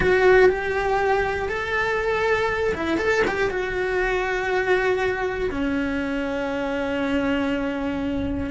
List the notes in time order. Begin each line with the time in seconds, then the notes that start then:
0.00 F#4
0.49 G4
1.48 A4
2.74 E4
2.97 A4
3.27 G4
3.50 F#4
5.50 C#4